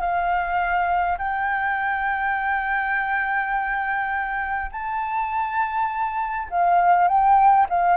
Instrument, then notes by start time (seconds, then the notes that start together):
flute
0.00 F5
1.18 G5
4.72 A5
6.50 F5
7.07 G5
7.69 F5